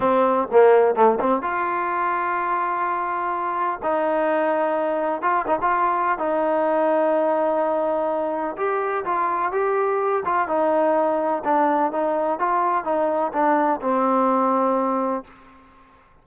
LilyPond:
\new Staff \with { instrumentName = "trombone" } { \time 4/4 \tempo 4 = 126 c'4 ais4 a8 c'8 f'4~ | f'1 | dis'2. f'8 dis'16 f'16~ | f'4 dis'2.~ |
dis'2 g'4 f'4 | g'4. f'8 dis'2 | d'4 dis'4 f'4 dis'4 | d'4 c'2. | }